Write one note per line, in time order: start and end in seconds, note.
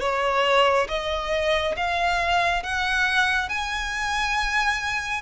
0.00 0.87 C#5
0.88 1.75 D#5
1.76 2.63 F5
2.63 3.49 F#5
3.49 5.21 G#5